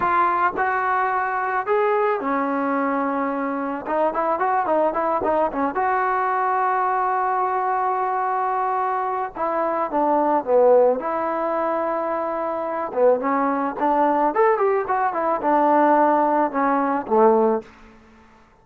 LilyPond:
\new Staff \with { instrumentName = "trombone" } { \time 4/4 \tempo 4 = 109 f'4 fis'2 gis'4 | cis'2. dis'8 e'8 | fis'8 dis'8 e'8 dis'8 cis'8 fis'4.~ | fis'1~ |
fis'4 e'4 d'4 b4 | e'2.~ e'8 b8 | cis'4 d'4 a'8 g'8 fis'8 e'8 | d'2 cis'4 a4 | }